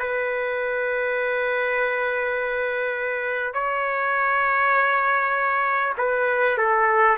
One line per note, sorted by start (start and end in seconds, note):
0.00 3.55 B4
3.55 5.95 C#5
5.98 6.58 B4
6.58 7.18 A4